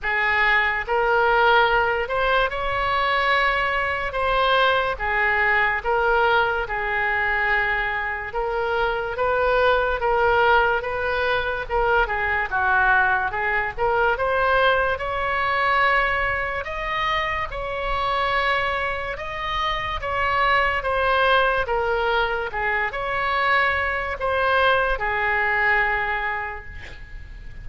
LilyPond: \new Staff \with { instrumentName = "oboe" } { \time 4/4 \tempo 4 = 72 gis'4 ais'4. c''8 cis''4~ | cis''4 c''4 gis'4 ais'4 | gis'2 ais'4 b'4 | ais'4 b'4 ais'8 gis'8 fis'4 |
gis'8 ais'8 c''4 cis''2 | dis''4 cis''2 dis''4 | cis''4 c''4 ais'4 gis'8 cis''8~ | cis''4 c''4 gis'2 | }